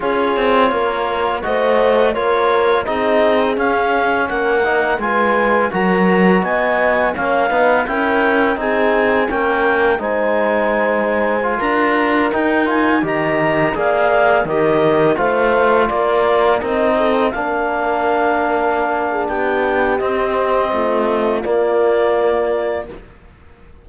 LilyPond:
<<
  \new Staff \with { instrumentName = "clarinet" } { \time 4/4 \tempo 4 = 84 cis''2 dis''4 cis''4 | dis''4 f''4 fis''4 gis''4 | ais''4 gis''4 f''4 g''4 | gis''4 g''4 gis''2~ |
gis''16 ais''4 g''8 gis''8 ais''4 f''8.~ | f''16 dis''4 f''4 d''4 dis''8.~ | dis''16 f''2~ f''8. g''4 | dis''2 d''2 | }
  \new Staff \with { instrumentName = "horn" } { \time 4/4 gis'4 ais'4 c''4 ais'4 | gis'2 ais'4 b'4 | ais'4 dis''4 cis''8 b'8 ais'4 | gis'4 ais'4 c''2~ |
c''16 ais'2 dis''4 d''8.~ | d''16 ais'4 c''4 ais'4. a'16~ | a'16 ais'2~ ais'8 gis'16 g'4~ | g'4 f'2. | }
  \new Staff \with { instrumentName = "trombone" } { \time 4/4 f'2 fis'4 f'4 | dis'4 cis'4. dis'8 f'4 | fis'2 cis'8 dis'8 e'4 | dis'4 cis'4 dis'2 |
f'4~ f'16 dis'8 f'8 g'4 gis'8.~ | gis'16 g'4 f'2 dis'8.~ | dis'16 d'2.~ d'8. | c'2 ais2 | }
  \new Staff \with { instrumentName = "cello" } { \time 4/4 cis'8 c'8 ais4 a4 ais4 | c'4 cis'4 ais4 gis4 | fis4 b4 ais8 b8 cis'4 | c'4 ais4 gis2~ |
gis16 d'4 dis'4 dis4 ais8.~ | ais16 dis4 a4 ais4 c'8.~ | c'16 ais2~ ais8. b4 | c'4 a4 ais2 | }
>>